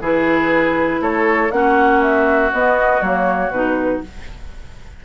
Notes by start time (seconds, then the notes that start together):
0.00 E3 E4 G#4 B4
1.01 A3 A4 C#5
1.51 A#3 C#4 F#4 F#5
2.01 E5
2.52 B3 D#5
3.01 F#3 A#3 C#5
3.50 B2 D#4 B4